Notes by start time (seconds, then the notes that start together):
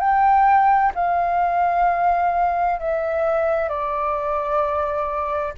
0.00 G5
0.95 F5
2.79 E5
3.69 D5